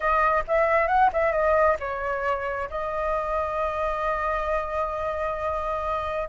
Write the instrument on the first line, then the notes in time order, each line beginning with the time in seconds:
flute
0.00 D#5
0.47 E5
0.87 F#5
1.13 E5
1.31 D#5
1.79 C#5
2.70 D#5